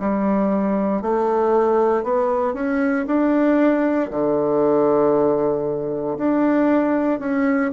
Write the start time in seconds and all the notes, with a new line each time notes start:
0.00 G3
1.03 A3
2.04 B3
2.54 C#4
3.08 D4
4.11 D3
6.18 D4
7.20 C#4